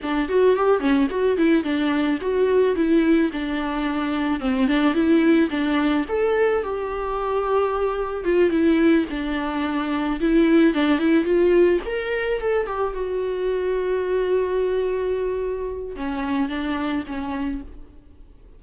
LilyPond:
\new Staff \with { instrumentName = "viola" } { \time 4/4 \tempo 4 = 109 d'8 fis'8 g'8 cis'8 fis'8 e'8 d'4 | fis'4 e'4 d'2 | c'8 d'8 e'4 d'4 a'4 | g'2. f'8 e'8~ |
e'8 d'2 e'4 d'8 | e'8 f'4 ais'4 a'8 g'8 fis'8~ | fis'1~ | fis'4 cis'4 d'4 cis'4 | }